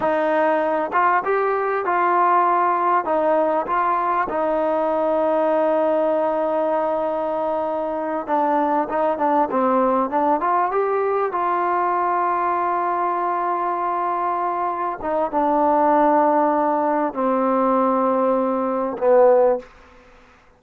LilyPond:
\new Staff \with { instrumentName = "trombone" } { \time 4/4 \tempo 4 = 98 dis'4. f'8 g'4 f'4~ | f'4 dis'4 f'4 dis'4~ | dis'1~ | dis'4. d'4 dis'8 d'8 c'8~ |
c'8 d'8 f'8 g'4 f'4.~ | f'1~ | f'8 dis'8 d'2. | c'2. b4 | }